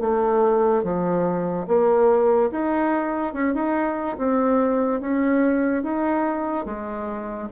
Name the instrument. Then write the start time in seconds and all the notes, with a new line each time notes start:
bassoon
0.00 A3
0.83 F3
1.67 A#3
2.51 D#4
3.34 C#4
3.54 D#4
4.18 C4
5.01 C#4
5.83 D#4
6.66 G#3